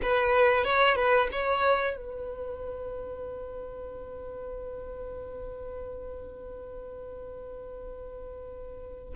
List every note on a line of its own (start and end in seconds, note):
0.02 0.64 B4
0.64 0.95 C#5
0.95 1.28 B4
1.32 1.96 C#5
1.96 9.13 B4